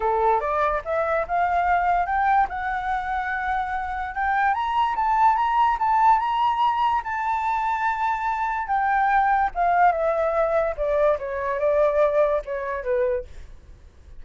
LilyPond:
\new Staff \with { instrumentName = "flute" } { \time 4/4 \tempo 4 = 145 a'4 d''4 e''4 f''4~ | f''4 g''4 fis''2~ | fis''2 g''4 ais''4 | a''4 ais''4 a''4 ais''4~ |
ais''4 a''2.~ | a''4 g''2 f''4 | e''2 d''4 cis''4 | d''2 cis''4 b'4 | }